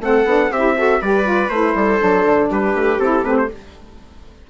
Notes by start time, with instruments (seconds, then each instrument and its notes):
0.00 bassoon A3, saxophone C4, viola A4, trumpet F#5
0.25 bassoon B3, saxophone D4
0.51 bassoon C4, saxophone E4, viola G4, trumpet E5
0.77 saxophone F#4, viola A4
1.00 bassoon G3, saxophone G4, viola B4, trumpet D5
1.23 saxophone F4
1.49 bassoon A3, saxophone E4, trumpet C5
1.75 bassoon G3, viola A4
1.99 bassoon F#3, saxophone D4
2.25 bassoon D3
2.50 bassoon G3, viola G4, trumpet B4
2.74 bassoon A3
2.98 bassoon C4, saxophone E4, trumpet A4
3.23 bassoon A3, saxophone C4, trumpet B4
3.37 trumpet C5